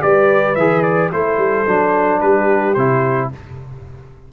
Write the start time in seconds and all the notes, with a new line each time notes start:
0.00 G3 G4 B4 D5
0.56 E3 G#4 E5
0.83 D5
1.13 A3 E4 A4 C5
1.38 G3
1.67 F#3 D4
2.21 G3 G4 B4
2.74 C3 E4 C5